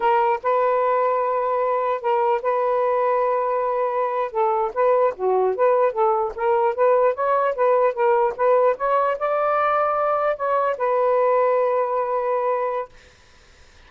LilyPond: \new Staff \with { instrumentName = "saxophone" } { \time 4/4 \tempo 4 = 149 ais'4 b'2.~ | b'4 ais'4 b'2~ | b'2~ b'8. a'4 b'16~ | b'8. fis'4 b'4 a'4 ais'16~ |
ais'8. b'4 cis''4 b'4 ais'16~ | ais'8. b'4 cis''4 d''4~ d''16~ | d''4.~ d''16 cis''4 b'4~ b'16~ | b'1 | }